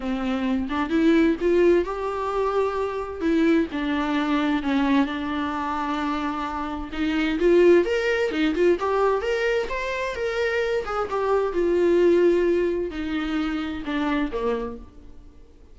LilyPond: \new Staff \with { instrumentName = "viola" } { \time 4/4 \tempo 4 = 130 c'4. d'8 e'4 f'4 | g'2. e'4 | d'2 cis'4 d'4~ | d'2. dis'4 |
f'4 ais'4 dis'8 f'8 g'4 | ais'4 c''4 ais'4. gis'8 | g'4 f'2. | dis'2 d'4 ais4 | }